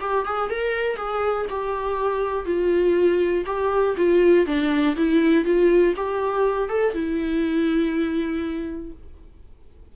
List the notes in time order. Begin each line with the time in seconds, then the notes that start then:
0.00 G4
0.25 G#4
0.50 A#4
0.96 G#4
1.50 G4
2.45 F4
3.46 G4
3.97 F4
4.46 D4
4.96 E4
5.45 F4
5.96 G4
6.69 A4
6.94 E4